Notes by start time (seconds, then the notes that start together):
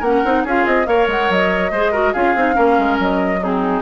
0.00 A#3 C#4 A#4 F#5
0.25 C4 D#4
0.44 C#4 F4 G#4 F5
0.66 C4 D#5
0.86 A#3 A#4 C#5 F5
1.07 G#3 F#5
1.29 F#3 D#5
1.71 G#3 G#4 C5
1.92 F#4 A#4
2.13 C#4 F4 G#4 F5
2.35 C4 D#4
2.53 A#3 C#4 A#4
2.78 G#3
2.99 F#3 D#5
3.41 C4 D#4 G#4